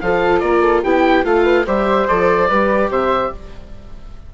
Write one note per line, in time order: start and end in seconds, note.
0.00 0.42 F3
0.00 0.85 F4
0.00 0.41 A4
0.00 0.39 F5
0.39 0.83 A#3
0.39 0.61 A#4
0.39 0.81 D5
0.61 0.82 A4
0.82 1.24 B3
0.82 1.23 E4
0.82 1.24 G4
0.82 1.25 G5
1.23 1.65 A3
1.23 1.65 F4
1.23 1.43 A4
1.23 1.66 F5
1.43 1.64 B4
1.66 2.08 G3
1.66 2.08 G4
1.66 2.48 C5
1.66 2.07 E5
2.07 2.50 F3
2.07 2.49 A4
2.07 2.90 D5
2.48 2.89 G3
2.48 3.34 G4
2.48 2.89 B4
2.89 3.31 C3
2.89 3.32 C5
2.89 3.33 E5